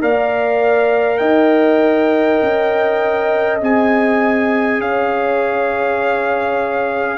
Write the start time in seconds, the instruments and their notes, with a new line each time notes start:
0.00 tuba A#3, trombone A#4, horn D5, trumpet F5
1.18 tuba D#4, horn D#5, trumpet G5
2.42 tuba C#4
3.61 tuba C4, trombone G#4, trumpet G#5
4.79 tuba C#4, horn C#5, trumpet F5